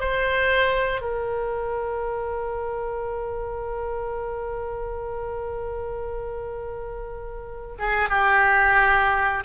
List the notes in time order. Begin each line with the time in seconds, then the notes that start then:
0.00 C5
1.01 A#4
7.79 G#4
8.09 G4